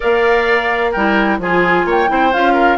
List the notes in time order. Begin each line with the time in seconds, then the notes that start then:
0.00 A#3 A#4 D5 F5
0.91 G3 E4 A#4 G5
1.38 F3 F4 G#4 G#5
1.85 A#3 C#5 G5
2.07 C4 E4 C5
2.33 C#4 F4 F5
2.53 A#4